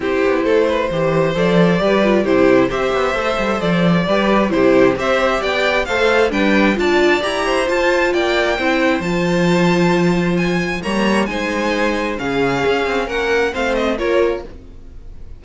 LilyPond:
<<
  \new Staff \with { instrumentName = "violin" } { \time 4/4 \tempo 4 = 133 c''2. d''4~ | d''4 c''4 e''2 | d''2 c''4 e''4 | g''4 f''4 g''4 a''4 |
ais''4 a''4 g''2 | a''2. gis''4 | ais''4 gis''2 f''4~ | f''4 fis''4 f''8 dis''8 cis''4 | }
  \new Staff \with { instrumentName = "violin" } { \time 4/4 g'4 a'8 b'8 c''2 | b'4 g'4 c''2~ | c''4 b'4 g'4 c''4 | d''4 c''4 b'4 d''4~ |
d''8 c''4. d''4 c''4~ | c''1 | cis''4 c''2 gis'4~ | gis'4 ais'4 c''4 ais'4 | }
  \new Staff \with { instrumentName = "viola" } { \time 4/4 e'2 g'4 a'4 | g'8 f'8 e'4 g'4 a'4~ | a'4 g'4 e'4 g'4~ | g'4 a'4 d'4 f'4 |
g'4 f'2 e'4 | f'1 | ais4 dis'2 cis'4~ | cis'2 c'4 f'4 | }
  \new Staff \with { instrumentName = "cello" } { \time 4/4 c'8 b8 a4 e4 f4 | g4 c4 c'8 b8 a8 g8 | f4 g4 c4 c'4 | b4 a4 g4 d'4 |
e'4 f'4 ais4 c'4 | f1 | g4 gis2 cis4 | cis'8 c'8 ais4 a4 ais4 | }
>>